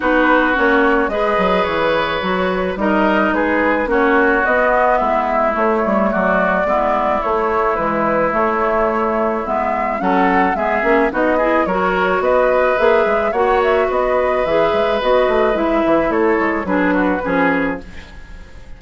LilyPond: <<
  \new Staff \with { instrumentName = "flute" } { \time 4/4 \tempo 4 = 108 b'4 cis''4 dis''4 cis''4~ | cis''4 dis''4 b'4 cis''4 | dis''4 e''4 cis''4 d''4~ | d''4 cis''4 b'4 cis''4~ |
cis''4 e''4 fis''4 e''4 | dis''4 cis''4 dis''4 e''4 | fis''8 e''8 dis''4 e''4 dis''4 | e''4 cis''4 b'2 | }
  \new Staff \with { instrumentName = "oboe" } { \time 4/4 fis'2 b'2~ | b'4 ais'4 gis'4 fis'4~ | fis'4 e'2 fis'4 | e'1~ |
e'2 a'4 gis'4 | fis'8 gis'8 ais'4 b'2 | cis''4 b'2.~ | b'4 a'4 gis'8 fis'8 gis'4 | }
  \new Staff \with { instrumentName = "clarinet" } { \time 4/4 dis'4 cis'4 gis'2 | fis'4 dis'2 cis'4 | b2 a2 | b4 a4 gis4 a4~ |
a4 b4 cis'4 b8 cis'8 | dis'8 e'8 fis'2 gis'4 | fis'2 gis'4 fis'4 | e'2 d'4 cis'4 | }
  \new Staff \with { instrumentName = "bassoon" } { \time 4/4 b4 ais4 gis8 fis8 e4 | fis4 g4 gis4 ais4 | b4 gis4 a8 g8 fis4 | gis4 a4 e4 a4~ |
a4 gis4 fis4 gis8 ais8 | b4 fis4 b4 ais8 gis8 | ais4 b4 e8 gis8 b8 a8 | gis8 e8 a8 gis8 fis4 f4 | }
>>